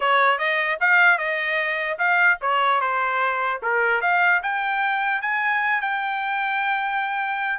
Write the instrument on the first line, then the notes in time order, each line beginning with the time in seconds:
trumpet
0.00 C#5
0.38 D#5
0.80 F5
1.18 D#5
1.98 F5
2.41 C#5
2.81 C5
3.62 A#4
4.01 F5
4.43 G5
5.21 G#5
5.81 G5